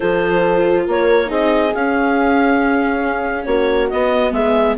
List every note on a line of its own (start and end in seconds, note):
0.00 0.87 F3
0.00 1.26 F4
0.00 0.86 A4
0.00 0.85 C5
0.86 1.30 A#3
0.86 1.29 A#4
0.86 1.31 C#5
1.26 1.73 C4
1.26 1.69 D#4
1.26 3.46 G#4
1.26 1.74 D#5
1.74 3.46 C#4
1.74 3.92 C#4
1.74 3.44 F5
3.44 3.89 A#3
3.44 4.33 F#4
3.44 3.88 C#5
3.89 4.31 B3
3.89 4.78 B3
3.89 4.32 D#5
4.31 4.75 G#3
4.31 4.78 G#4
4.31 4.76 E5